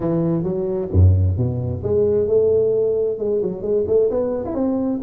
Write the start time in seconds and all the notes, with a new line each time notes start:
0.00 E3
0.43 F#3
0.92 F#2
1.37 B2
1.83 G#3
2.27 A3
3.18 G#3
3.42 F#3
3.61 G#3
3.87 A3
4.10 B3
4.45 E4
4.54 C4